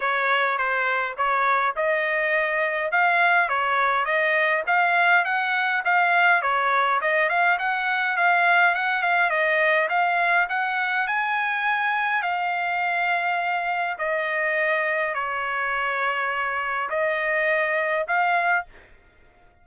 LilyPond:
\new Staff \with { instrumentName = "trumpet" } { \time 4/4 \tempo 4 = 103 cis''4 c''4 cis''4 dis''4~ | dis''4 f''4 cis''4 dis''4 | f''4 fis''4 f''4 cis''4 | dis''8 f''8 fis''4 f''4 fis''8 f''8 |
dis''4 f''4 fis''4 gis''4~ | gis''4 f''2. | dis''2 cis''2~ | cis''4 dis''2 f''4 | }